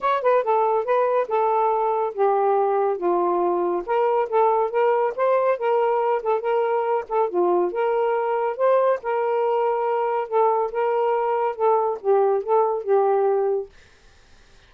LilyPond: \new Staff \with { instrumentName = "saxophone" } { \time 4/4 \tempo 4 = 140 cis''8 b'8 a'4 b'4 a'4~ | a'4 g'2 f'4~ | f'4 ais'4 a'4 ais'4 | c''4 ais'4. a'8 ais'4~ |
ais'8 a'8 f'4 ais'2 | c''4 ais'2. | a'4 ais'2 a'4 | g'4 a'4 g'2 | }